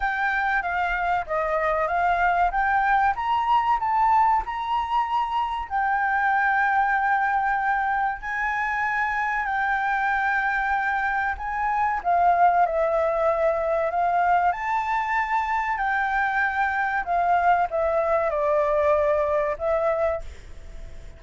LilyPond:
\new Staff \with { instrumentName = "flute" } { \time 4/4 \tempo 4 = 95 g''4 f''4 dis''4 f''4 | g''4 ais''4 a''4 ais''4~ | ais''4 g''2.~ | g''4 gis''2 g''4~ |
g''2 gis''4 f''4 | e''2 f''4 a''4~ | a''4 g''2 f''4 | e''4 d''2 e''4 | }